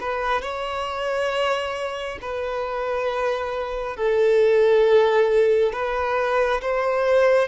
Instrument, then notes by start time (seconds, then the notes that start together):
violin
0.00 B4
0.42 C#5
2.21 B4
3.97 A4
5.73 B4
6.61 C5